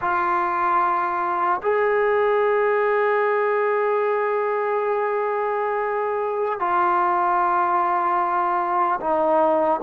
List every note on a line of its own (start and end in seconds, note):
0.01 1.61 F4
1.62 6.59 G#4
6.59 8.99 F4
9.00 9.80 D#4